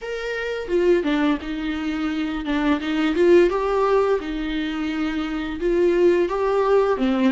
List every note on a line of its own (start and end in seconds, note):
0.01 0.68 A#4
0.68 1.03 F4
1.03 1.38 D4
1.41 2.45 D#4
2.45 2.80 D4
2.80 3.15 D#4
3.15 3.49 F4
3.49 4.19 G4
4.20 5.59 D#4
5.59 6.28 F4
6.28 6.97 G4
6.97 7.32 C4